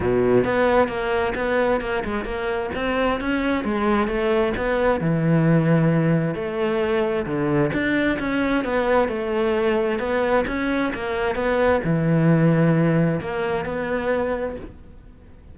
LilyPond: \new Staff \with { instrumentName = "cello" } { \time 4/4 \tempo 4 = 132 b,4 b4 ais4 b4 | ais8 gis8 ais4 c'4 cis'4 | gis4 a4 b4 e4~ | e2 a2 |
d4 d'4 cis'4 b4 | a2 b4 cis'4 | ais4 b4 e2~ | e4 ais4 b2 | }